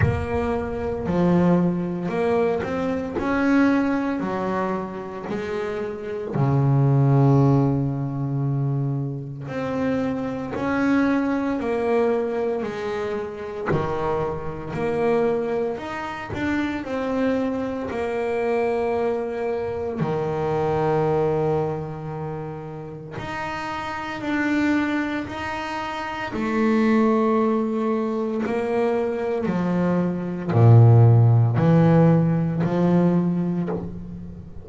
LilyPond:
\new Staff \with { instrumentName = "double bass" } { \time 4/4 \tempo 4 = 57 ais4 f4 ais8 c'8 cis'4 | fis4 gis4 cis2~ | cis4 c'4 cis'4 ais4 | gis4 dis4 ais4 dis'8 d'8 |
c'4 ais2 dis4~ | dis2 dis'4 d'4 | dis'4 a2 ais4 | f4 ais,4 e4 f4 | }